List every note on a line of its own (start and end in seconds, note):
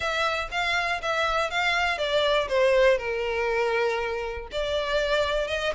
0.00 0.48 E5
0.51 1.01 F5
1.02 1.50 E5
1.50 1.98 F5
1.98 2.48 D5
2.48 2.98 C5
2.98 4.48 A#4
4.51 5.47 D5
5.47 5.72 D#5